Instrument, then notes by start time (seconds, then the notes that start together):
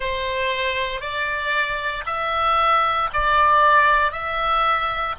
oboe
0.00 C5
1.01 D5
2.05 E5
3.13 D5
4.11 E5